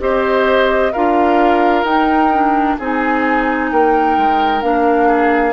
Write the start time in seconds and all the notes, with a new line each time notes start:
0.00 C4 G4 C5 D#5
0.92 D4 F4 A#4 F5
1.84 D#4 G5
2.33 D4
2.78 C4 D#4 G#4 G#5
3.72 A#3 A#4 G5
4.17 G#3
4.62 A#3 D4 F5
5.08 G#4